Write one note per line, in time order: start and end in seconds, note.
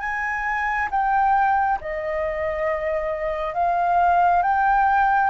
0.00 0.88 G#5
0.91 1.79 G5
1.80 3.54 D#5
3.54 4.42 F5
4.42 5.30 G5